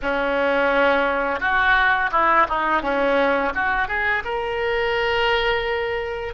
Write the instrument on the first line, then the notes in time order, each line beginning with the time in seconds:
oboe
0.02 C#4
1.40 F#4
2.11 E4
2.49 D#4
2.82 C#4
3.55 F#4
3.88 G#4
4.24 A#4